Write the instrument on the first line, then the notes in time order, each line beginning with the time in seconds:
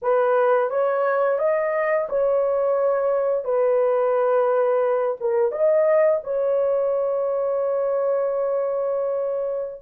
horn
0.02 B4
0.70 C#5
1.39 D#5
2.09 C#5
3.44 B4
5.20 A#4
5.51 D#5
6.23 C#5